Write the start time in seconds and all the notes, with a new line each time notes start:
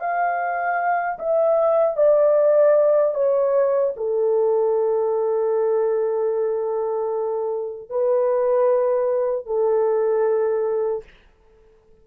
0.00 F5
1.19 E5
1.97 D5
3.15 C#5
3.97 A4
7.89 B4
9.46 A4